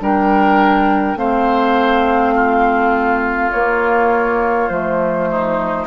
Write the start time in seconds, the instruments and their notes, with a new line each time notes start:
0.00 bassoon G3, clarinet D4, oboe A#4, flute G5
1.15 bassoon A3, clarinet C4, oboe C5, flute F5
2.34 oboe F4
3.51 clarinet A#3, bassoon A#3, flute C#5
4.68 bassoon F3, clarinet A3, flute C5
5.30 oboe D#4